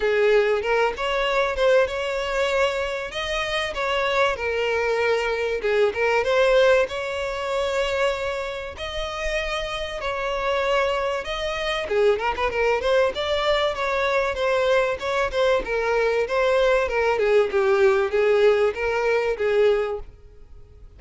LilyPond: \new Staff \with { instrumentName = "violin" } { \time 4/4 \tempo 4 = 96 gis'4 ais'8 cis''4 c''8 cis''4~ | cis''4 dis''4 cis''4 ais'4~ | ais'4 gis'8 ais'8 c''4 cis''4~ | cis''2 dis''2 |
cis''2 dis''4 gis'8 ais'16 b'16 | ais'8 c''8 d''4 cis''4 c''4 | cis''8 c''8 ais'4 c''4 ais'8 gis'8 | g'4 gis'4 ais'4 gis'4 | }